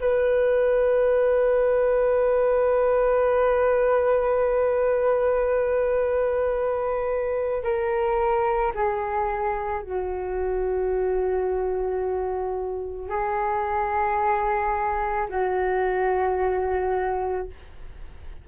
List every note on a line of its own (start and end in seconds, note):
0.00 7.63 B4
7.63 8.72 A#4
8.74 9.82 G#4
9.82 13.09 F#4
13.09 15.27 G#4
15.29 17.47 F#4